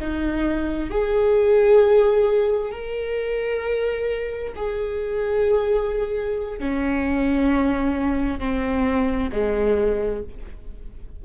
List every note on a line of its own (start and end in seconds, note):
0.00 0.90 D#4
0.90 2.71 G#4
2.71 4.53 A#4
4.55 6.60 G#4
6.60 8.40 C#4
8.40 9.31 C4
9.32 10.23 G#3